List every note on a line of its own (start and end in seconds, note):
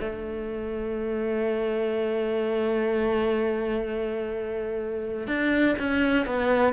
0.00 5.27 A3
5.27 5.75 D4
5.79 6.26 C#4
6.26 6.73 B3